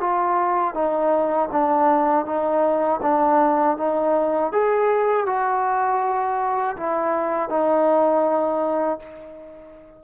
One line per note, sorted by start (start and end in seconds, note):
0.00 0.74 F4
0.74 1.49 D#4
1.52 2.25 D4
2.25 3.00 D#4
3.02 3.77 D4
3.77 4.52 D#4
4.52 5.26 G#4
5.26 6.76 F#4
6.76 7.49 E4
7.49 8.99 D#4